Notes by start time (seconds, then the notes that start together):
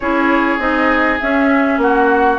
0.00 C#4 E4 G#4 C#5
0.58 C4 D#4 D#5
1.20 C#4 E5
1.77 A#3 F#4 F#5